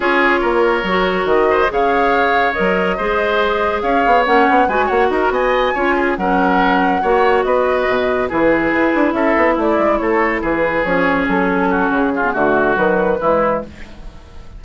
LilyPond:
<<
  \new Staff \with { instrumentName = "flute" } { \time 4/4 \tempo 4 = 141 cis''2. dis''4 | f''2 dis''2~ | dis''4 f''4 fis''4 gis''8 fis''8 | ais''8 gis''2 fis''4.~ |
fis''4. dis''2 b'8~ | b'4. e''4 d''4 cis''8~ | cis''8 b'4 cis''4 a'4. | gis'4 fis'4 b'2 | }
  \new Staff \with { instrumentName = "oboe" } { \time 4/4 gis'4 ais'2~ ais'8 c''8 | cis''2. c''4~ | c''4 cis''2 b'8 cis''8 | ais'8 dis''4 cis''8 gis'8 ais'4.~ |
ais'8 cis''4 b'2 gis'8~ | gis'4. a'4 e'4 a'8~ | a'8 gis'2. fis'8~ | fis'8 f'8 fis'2 e'4 | }
  \new Staff \with { instrumentName = "clarinet" } { \time 4/4 f'2 fis'2 | gis'2 ais'4 gis'4~ | gis'2 cis'4 fis'4~ | fis'4. f'4 cis'4.~ |
cis'8 fis'2. e'8~ | e'1~ | e'4. cis'2~ cis'8~ | cis'8. b16 a4 fis4 gis4 | }
  \new Staff \with { instrumentName = "bassoon" } { \time 4/4 cis'4 ais4 fis4 dis4 | cis2 fis4 gis4~ | gis4 cis'8 b8 ais8 b8 gis8 ais8 | dis'8 b4 cis'4 fis4.~ |
fis8 ais4 b4 b,4 e8~ | e8 e'8 d'8 cis'8 b8 a8 gis8 a8~ | a8 e4 f4 fis4. | cis4 d4 dis4 e4 | }
>>